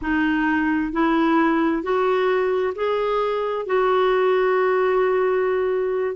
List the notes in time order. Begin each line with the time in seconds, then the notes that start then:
0.01 D#4
0.92 E4
1.82 F#4
2.75 G#4
3.66 F#4